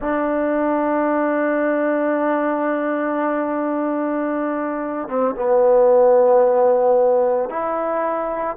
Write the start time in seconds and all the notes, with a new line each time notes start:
0.00 D4
5.08 C4
5.35 B3
7.50 E4